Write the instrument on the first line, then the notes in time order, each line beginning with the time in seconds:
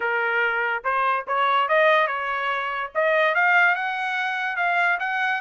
trumpet
0.00 A#4
0.84 C5
1.27 C#5
1.68 D#5
2.07 C#5
2.95 D#5
3.34 F5
3.75 F#5
4.56 F5
4.99 F#5